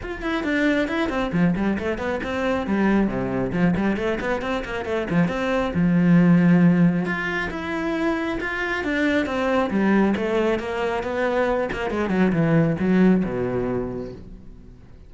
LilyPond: \new Staff \with { instrumentName = "cello" } { \time 4/4 \tempo 4 = 136 f'8 e'8 d'4 e'8 c'8 f8 g8 | a8 b8 c'4 g4 c4 | f8 g8 a8 b8 c'8 ais8 a8 f8 | c'4 f2. |
f'4 e'2 f'4 | d'4 c'4 g4 a4 | ais4 b4. ais8 gis8 fis8 | e4 fis4 b,2 | }